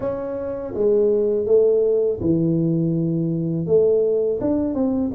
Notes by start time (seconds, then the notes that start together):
0.00 C#4
0.74 G#3
1.46 A3
2.21 E3
3.66 A3
4.40 D4
4.74 C4